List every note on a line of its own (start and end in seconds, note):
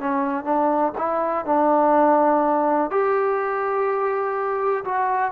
0.00 0.44 C#4
0.44 0.93 D4
0.98 1.46 E4
1.46 2.91 D4
2.91 4.85 G4
4.85 5.32 F#4